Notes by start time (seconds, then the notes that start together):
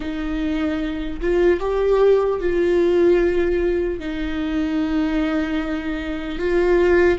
0.00 D#4
1.20 F4
1.60 G4
2.40 F4
3.99 D#4
6.39 F4